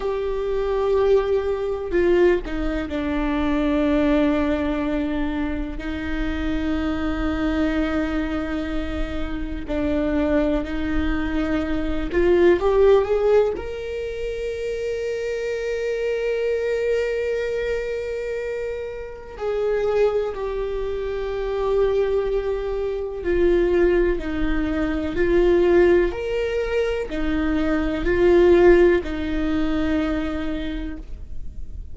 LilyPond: \new Staff \with { instrumentName = "viola" } { \time 4/4 \tempo 4 = 62 g'2 f'8 dis'8 d'4~ | d'2 dis'2~ | dis'2 d'4 dis'4~ | dis'8 f'8 g'8 gis'8 ais'2~ |
ais'1 | gis'4 g'2. | f'4 dis'4 f'4 ais'4 | dis'4 f'4 dis'2 | }